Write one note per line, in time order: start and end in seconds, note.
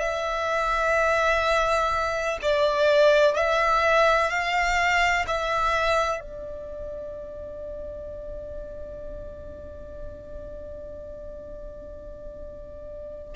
0.00 2.38 E5
2.42 3.36 D5
3.36 4.30 E5
4.30 5.26 F5
5.27 6.20 E5
6.20 13.35 D5